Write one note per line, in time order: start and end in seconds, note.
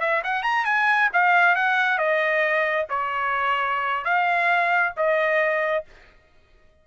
0.00 0.22 E5
0.23 0.42 F#5
0.42 0.64 A#5
0.65 1.09 G#5
1.13 1.55 F5
1.55 1.98 F#5
1.98 2.86 D#5
2.89 4.04 C#5
4.04 4.93 F5
4.96 5.84 D#5